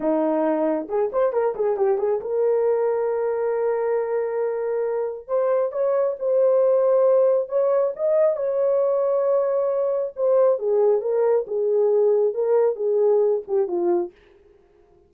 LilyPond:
\new Staff \with { instrumentName = "horn" } { \time 4/4 \tempo 4 = 136 dis'2 gis'8 c''8 ais'8 gis'8 | g'8 gis'8 ais'2.~ | ais'1 | c''4 cis''4 c''2~ |
c''4 cis''4 dis''4 cis''4~ | cis''2. c''4 | gis'4 ais'4 gis'2 | ais'4 gis'4. g'8 f'4 | }